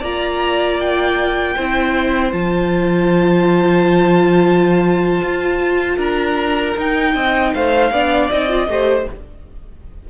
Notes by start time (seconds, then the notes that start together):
0.00 A#3 F4 D5 A#5
0.80 G5
1.56 C4 E4 C5
2.32 F3 F4 A5
5.22 F4
5.96 D4 A#4 A#5
6.77 D#4 G5
7.15 C4 D#5
7.54 A3 C5 F5
7.91 B3 D4 D5
8.31 C4 D#4 D#5
8.49 F4
8.68 A3 G4 C5